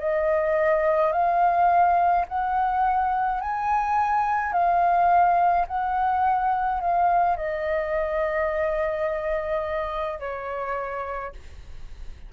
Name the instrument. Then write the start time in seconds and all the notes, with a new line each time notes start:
flute
0.00 D#5
1.13 F5
2.29 F#5
3.41 G#5
4.53 F5
5.68 F#5
6.81 F5
7.37 D#5
10.20 C#5